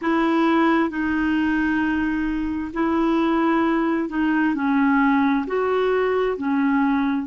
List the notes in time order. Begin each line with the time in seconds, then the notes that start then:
0.01 E4
0.89 D#4
2.73 E4
4.09 D#4
4.55 C#4
5.47 F#4
6.37 C#4